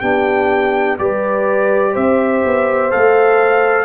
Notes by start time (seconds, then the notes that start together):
0.00 B3 D4 G4 G5
0.98 G3 G4 B4 D5
1.92 C4 C5 E5
2.45 B3
2.90 A3 A4 F5